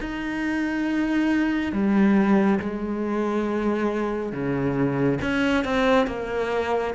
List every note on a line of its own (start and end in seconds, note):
0.00 1.72 D#4
1.72 2.59 G3
2.59 4.32 G#3
4.32 5.19 C#3
5.21 5.64 C#4
5.64 6.07 C4
6.07 6.94 A#3